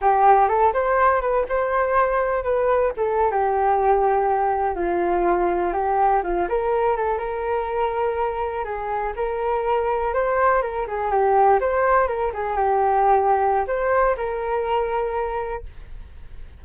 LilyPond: \new Staff \with { instrumentName = "flute" } { \time 4/4 \tempo 4 = 123 g'4 a'8 c''4 b'8 c''4~ | c''4 b'4 a'8. g'4~ g'16~ | g'4.~ g'16 f'2 g'16~ | g'8. f'8 ais'4 a'8 ais'4~ ais'16~ |
ais'4.~ ais'16 gis'4 ais'4~ ais'16~ | ais'8. c''4 ais'8 gis'8 g'4 c''16~ | c''8. ais'8 gis'8 g'2~ g'16 | c''4 ais'2. | }